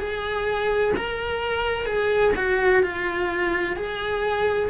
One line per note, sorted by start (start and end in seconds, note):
0.00 0.94 G#4
0.97 1.86 A#4
1.86 2.33 G#4
2.37 2.83 F#4
2.83 3.77 F4
3.77 4.70 G#4